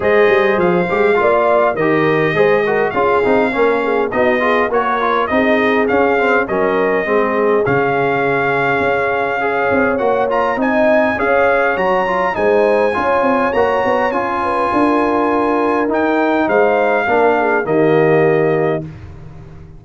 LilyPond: <<
  \new Staff \with { instrumentName = "trumpet" } { \time 4/4 \tempo 4 = 102 dis''4 f''2 dis''4~ | dis''4 f''2 dis''4 | cis''4 dis''4 f''4 dis''4~ | dis''4 f''2.~ |
f''4 fis''8 ais''8 gis''4 f''4 | ais''4 gis''2 ais''4 | gis''2. g''4 | f''2 dis''2 | }
  \new Staff \with { instrumentName = "horn" } { \time 4/4 c''2 d''4 ais'4 | c''8 ais'8 gis'4 ais'8 gis'8 fis'8 gis'8 | ais'4 gis'2 ais'4 | gis'1 |
cis''2 dis''4 cis''4~ | cis''4 c''4 cis''2~ | cis''8 b'8 ais'2. | c''4 ais'8 gis'8 g'2 | }
  \new Staff \with { instrumentName = "trombone" } { \time 4/4 gis'4. g'8 f'4 g'4 | gis'8 fis'8 f'8 dis'8 cis'4 dis'8 f'8 | fis'8 f'8 dis'4 cis'8 c'8 cis'4 | c'4 cis'2. |
gis'4 fis'8 f'8 dis'4 gis'4 | fis'8 f'8 dis'4 f'4 fis'4 | f'2. dis'4~ | dis'4 d'4 ais2 | }
  \new Staff \with { instrumentName = "tuba" } { \time 4/4 gis8 g8 f8 gis8 ais4 dis4 | gis4 cis'8 c'8 ais4 b4 | ais4 c'4 cis'4 fis4 | gis4 cis2 cis'4~ |
cis'8 c'8 ais4 c'4 cis'4 | fis4 gis4 cis'8 c'8 ais8 b8 | cis'4 d'2 dis'4 | gis4 ais4 dis2 | }
>>